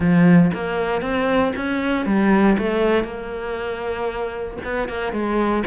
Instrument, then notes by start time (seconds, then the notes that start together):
cello
0.00 F3
0.53 A#3
1.01 C4
1.55 C#4
2.05 G3
2.58 A3
3.03 A#3
4.64 B3
4.88 A#3
5.12 G#3